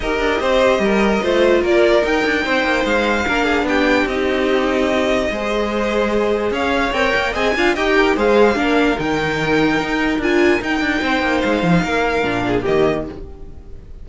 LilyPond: <<
  \new Staff \with { instrumentName = "violin" } { \time 4/4 \tempo 4 = 147 dis''1 | d''4 g''2 f''4~ | f''4 g''4 dis''2~ | dis''1 |
f''4 g''4 gis''4 g''4 | f''2 g''2~ | g''4 gis''4 g''2 | f''2. dis''4 | }
  \new Staff \with { instrumentName = "violin" } { \time 4/4 ais'4 c''4 ais'4 c''4 | ais'2 c''2 | ais'8 gis'8 g'2.~ | g'4 c''2. |
cis''2 dis''8 f''8 dis''8 ais'8 | c''4 ais'2.~ | ais'2. c''4~ | c''4 ais'4. gis'8 g'4 | }
  \new Staff \with { instrumentName = "viola" } { \time 4/4 g'2. f'4~ | f'4 dis'2. | d'2 dis'2~ | dis'4 gis'2.~ |
gis'4 ais'4 gis'8 f'8 g'4 | gis'4 d'4 dis'2~ | dis'4 f'4 dis'2~ | dis'2 d'4 ais4 | }
  \new Staff \with { instrumentName = "cello" } { \time 4/4 dis'8 d'8 c'4 g4 a4 | ais4 dis'8 d'8 c'8 ais8 gis4 | ais4 b4 c'2~ | c'4 gis2. |
cis'4 c'8 ais8 c'8 d'8 dis'4 | gis4 ais4 dis2 | dis'4 d'4 dis'8 d'8 c'8 ais8 | gis8 f8 ais4 ais,4 dis4 | }
>>